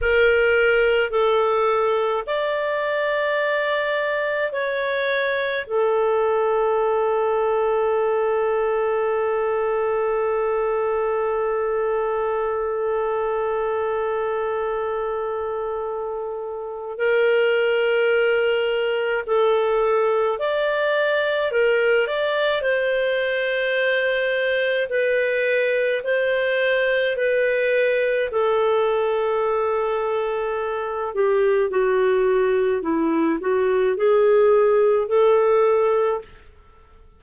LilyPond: \new Staff \with { instrumentName = "clarinet" } { \time 4/4 \tempo 4 = 53 ais'4 a'4 d''2 | cis''4 a'2.~ | a'1~ | a'2. ais'4~ |
ais'4 a'4 d''4 ais'8 d''8 | c''2 b'4 c''4 | b'4 a'2~ a'8 g'8 | fis'4 e'8 fis'8 gis'4 a'4 | }